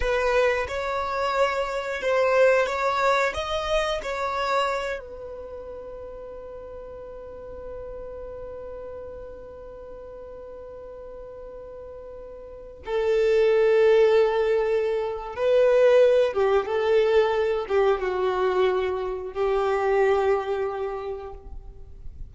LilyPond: \new Staff \with { instrumentName = "violin" } { \time 4/4 \tempo 4 = 90 b'4 cis''2 c''4 | cis''4 dis''4 cis''4. b'8~ | b'1~ | b'1~ |
b'2.~ b'16 a'8.~ | a'2. b'4~ | b'8 g'8 a'4. g'8 fis'4~ | fis'4 g'2. | }